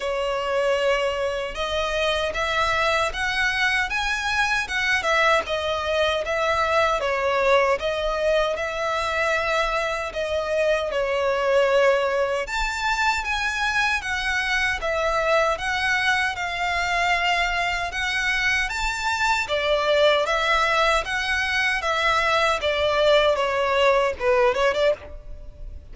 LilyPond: \new Staff \with { instrumentName = "violin" } { \time 4/4 \tempo 4 = 77 cis''2 dis''4 e''4 | fis''4 gis''4 fis''8 e''8 dis''4 | e''4 cis''4 dis''4 e''4~ | e''4 dis''4 cis''2 |
a''4 gis''4 fis''4 e''4 | fis''4 f''2 fis''4 | a''4 d''4 e''4 fis''4 | e''4 d''4 cis''4 b'8 cis''16 d''16 | }